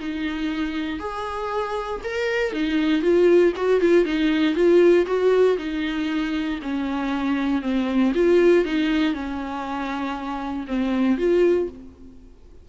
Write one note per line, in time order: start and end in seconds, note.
0.00 1.00 D#4
1.00 2.02 G#4
2.04 2.53 A#4
2.53 3.02 D#4
3.02 3.53 F4
3.57 3.81 F#4
3.81 4.06 F4
4.06 4.56 D#4
4.56 5.06 F4
5.07 5.58 F#4
5.58 6.60 D#4
6.63 7.62 C#4
7.62 8.13 C4
8.15 8.66 F4
8.66 9.14 D#4
9.14 10.67 C#4
10.68 11.18 C4
11.18 11.69 F4